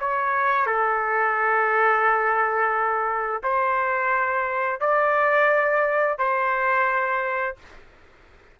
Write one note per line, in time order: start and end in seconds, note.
0.00 0.66 C#5
0.66 3.42 A4
3.43 4.80 C5
4.80 6.18 D5
6.18 7.56 C5